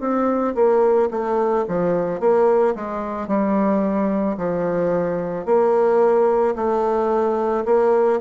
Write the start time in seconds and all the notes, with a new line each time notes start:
0.00 C4
0.55 A#3
1.11 A3
1.68 F3
2.20 A#3
2.75 G#3
3.28 G3
4.37 F3
5.46 A#3
6.56 A3
7.65 A#3